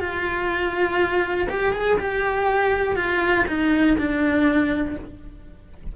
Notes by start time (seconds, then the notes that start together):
0.00 F4
1.49 G4
1.73 G#4
1.99 G4
2.96 F4
3.47 D#4
3.98 D4